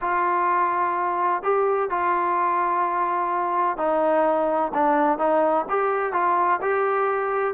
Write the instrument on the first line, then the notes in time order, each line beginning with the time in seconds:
trombone
0.01 F4
1.42 G4
1.90 F4
3.77 D#4
4.74 D4
5.18 D#4
5.69 G4
6.12 F4
6.61 G4